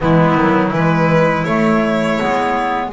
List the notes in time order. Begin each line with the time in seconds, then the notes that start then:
0.00 E3 G#3 B3 E4
0.35 D#3 F#3
0.69 E3 E4 B4
0.76 G#3
1.44 A3 C#5
2.19 G#3 B3